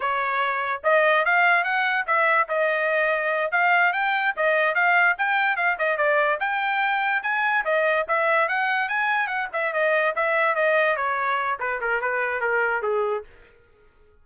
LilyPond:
\new Staff \with { instrumentName = "trumpet" } { \time 4/4 \tempo 4 = 145 cis''2 dis''4 f''4 | fis''4 e''4 dis''2~ | dis''8 f''4 g''4 dis''4 f''8~ | f''8 g''4 f''8 dis''8 d''4 g''8~ |
g''4. gis''4 dis''4 e''8~ | e''8 fis''4 gis''4 fis''8 e''8 dis''8~ | dis''8 e''4 dis''4 cis''4. | b'8 ais'8 b'4 ais'4 gis'4 | }